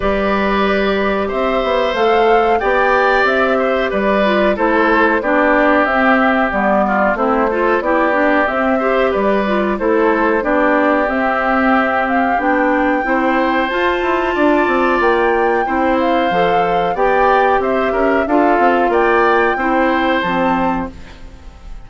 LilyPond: <<
  \new Staff \with { instrumentName = "flute" } { \time 4/4 \tempo 4 = 92 d''2 e''4 f''4 | g''4 e''4 d''4 c''4 | d''4 e''4 d''4 c''4 | d''4 e''4 d''4 c''4 |
d''4 e''4. f''8 g''4~ | g''4 a''2 g''4~ | g''8 f''4. g''4 e''4 | f''4 g''2 a''4 | }
  \new Staff \with { instrumentName = "oboe" } { \time 4/4 b'2 c''2 | d''4. c''8 b'4 a'4 | g'2~ g'8 f'8 e'8 a'8 | g'4. c''8 b'4 a'4 |
g'1 | c''2 d''2 | c''2 d''4 c''8 ais'8 | a'4 d''4 c''2 | }
  \new Staff \with { instrumentName = "clarinet" } { \time 4/4 g'2. a'4 | g'2~ g'8 f'8 e'4 | d'4 c'4 b4 c'8 f'8 | e'8 d'8 c'8 g'4 f'8 e'4 |
d'4 c'2 d'4 | e'4 f'2. | e'4 a'4 g'2 | f'2 e'4 c'4 | }
  \new Staff \with { instrumentName = "bassoon" } { \time 4/4 g2 c'8 b8 a4 | b4 c'4 g4 a4 | b4 c'4 g4 a4 | b4 c'4 g4 a4 |
b4 c'2 b4 | c'4 f'8 e'8 d'8 c'8 ais4 | c'4 f4 b4 c'8 cis'8 | d'8 c'8 ais4 c'4 f4 | }
>>